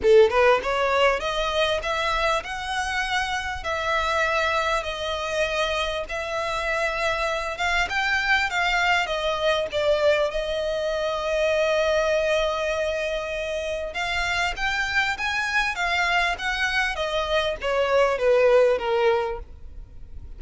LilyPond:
\new Staff \with { instrumentName = "violin" } { \time 4/4 \tempo 4 = 99 a'8 b'8 cis''4 dis''4 e''4 | fis''2 e''2 | dis''2 e''2~ | e''8 f''8 g''4 f''4 dis''4 |
d''4 dis''2.~ | dis''2. f''4 | g''4 gis''4 f''4 fis''4 | dis''4 cis''4 b'4 ais'4 | }